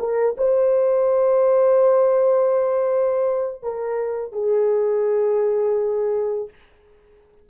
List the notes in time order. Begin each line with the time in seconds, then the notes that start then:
0.00 A#4
0.38 C5
3.63 A#4
4.32 G#4